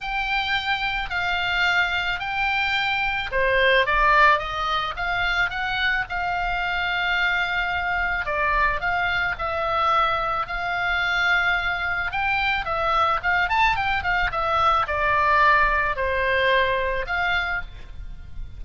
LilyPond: \new Staff \with { instrumentName = "oboe" } { \time 4/4 \tempo 4 = 109 g''2 f''2 | g''2 c''4 d''4 | dis''4 f''4 fis''4 f''4~ | f''2. d''4 |
f''4 e''2 f''4~ | f''2 g''4 e''4 | f''8 a''8 g''8 f''8 e''4 d''4~ | d''4 c''2 f''4 | }